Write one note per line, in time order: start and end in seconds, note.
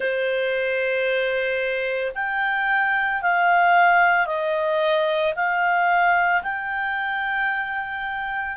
0.00 2.12 C5
2.14 3.21 G5
3.21 4.26 F5
4.26 5.33 D#5
5.35 6.42 F5
6.42 8.56 G5